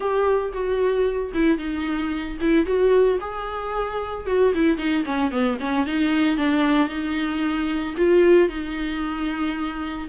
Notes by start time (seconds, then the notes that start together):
0.00 G4
0.52 F#4
1.33 E4
1.58 D#4
2.40 E4
2.65 F#4
3.20 G#4
4.26 F#4
4.54 E4
4.77 D#4
5.05 C#4
5.31 B3
5.59 C#4
5.86 D#4
6.37 D4
6.88 D#4
7.97 F4
8.49 D#4